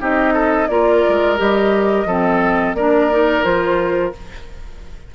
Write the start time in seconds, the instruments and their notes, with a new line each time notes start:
0.00 bassoon C4, clarinet D#4, oboe G4, flute D#5
0.34 oboe A4
0.69 bassoon A#3, clarinet F4, oboe A#4, flute D5
1.09 bassoon G#3
1.37 bassoon G3, clarinet G4, flute D#5
2.06 bassoon F3, clarinet C4, oboe A4
2.74 bassoon A#3, clarinet D4, oboe A#4, flute D5
3.11 clarinet D#4
3.44 bassoon F3, clarinet F4, flute C5